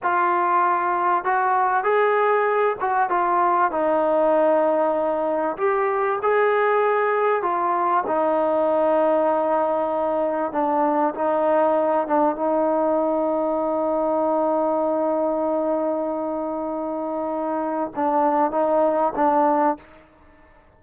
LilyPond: \new Staff \with { instrumentName = "trombone" } { \time 4/4 \tempo 4 = 97 f'2 fis'4 gis'4~ | gis'8 fis'8 f'4 dis'2~ | dis'4 g'4 gis'2 | f'4 dis'2.~ |
dis'4 d'4 dis'4. d'8 | dis'1~ | dis'1~ | dis'4 d'4 dis'4 d'4 | }